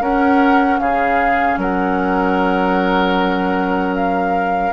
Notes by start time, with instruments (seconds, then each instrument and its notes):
0.00 clarinet C#4, bassoon C#4, oboe A#4, flute F#5
0.80 bassoon C#3, oboe G#4, flute F5
1.57 bassoon F#3, oboe A#4, flute F#5
3.96 flute F5